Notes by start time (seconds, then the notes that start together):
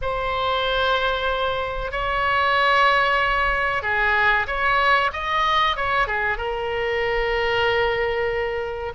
0.01 C5
1.91 C#5
3.82 G#4
4.47 C#5
5.12 D#5
5.76 C#5
6.07 G#4
6.37 A#4